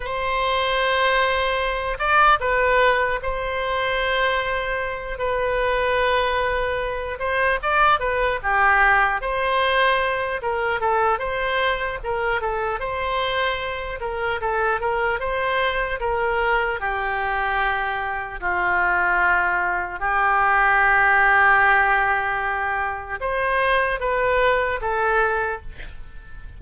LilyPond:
\new Staff \with { instrumentName = "oboe" } { \time 4/4 \tempo 4 = 75 c''2~ c''8 d''8 b'4 | c''2~ c''8 b'4.~ | b'4 c''8 d''8 b'8 g'4 c''8~ | c''4 ais'8 a'8 c''4 ais'8 a'8 |
c''4. ais'8 a'8 ais'8 c''4 | ais'4 g'2 f'4~ | f'4 g'2.~ | g'4 c''4 b'4 a'4 | }